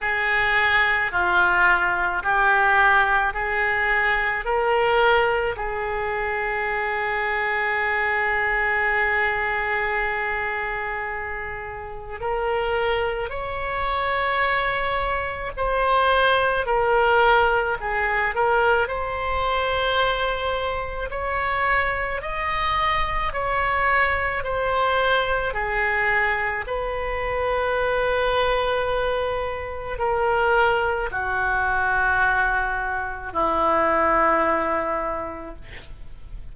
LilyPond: \new Staff \with { instrumentName = "oboe" } { \time 4/4 \tempo 4 = 54 gis'4 f'4 g'4 gis'4 | ais'4 gis'2.~ | gis'2. ais'4 | cis''2 c''4 ais'4 |
gis'8 ais'8 c''2 cis''4 | dis''4 cis''4 c''4 gis'4 | b'2. ais'4 | fis'2 e'2 | }